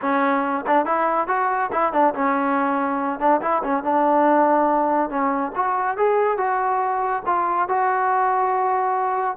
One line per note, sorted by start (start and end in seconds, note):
0.01 0.65 C#4
0.66 0.85 D4
0.85 1.27 E4
1.27 1.70 F#4
1.72 1.92 E4
1.92 2.14 D4
2.14 3.19 C#4
3.19 3.40 D4
3.41 3.62 E4
3.63 3.83 C#4
3.83 5.09 D4
5.09 5.52 C#4
5.55 5.97 F#4
5.97 6.37 G#4
6.37 7.22 F#4
7.26 7.68 F4
7.68 9.36 F#4